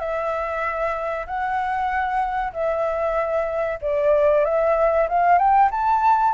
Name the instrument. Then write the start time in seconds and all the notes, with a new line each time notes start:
flute
0.00 E5
1.26 F#5
2.53 E5
3.81 D5
4.44 E5
5.08 F5
5.38 G5
5.71 A5